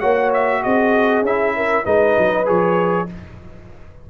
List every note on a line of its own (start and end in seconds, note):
0.00 0.64 A#3
0.00 1.23 F#4
0.00 0.62 C#5
0.00 0.31 F#5
0.33 0.63 E5
0.63 1.22 C4
0.63 1.56 G#4
0.63 1.24 D#5
1.22 1.83 C#4
1.22 1.85 E4
1.22 1.85 E5
1.56 1.85 A#4
1.85 2.17 G#3
1.85 2.45 D#4
1.85 3.07 B4
1.85 2.47 D#5
2.18 2.48 F#3
2.45 3.10 F3
2.45 3.06 G#4
2.45 3.09 C#5